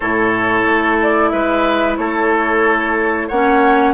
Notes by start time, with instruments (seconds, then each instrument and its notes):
0.00 bassoon A2, clarinet E4, oboe A4, flute C#5
0.65 bassoon A3
1.02 flute D5
1.29 bassoon G#3, oboe B4, flute E5
1.97 bassoon A3, oboe A4, flute C#5
3.28 bassoon A#3, clarinet C#4, oboe C#5, flute F#5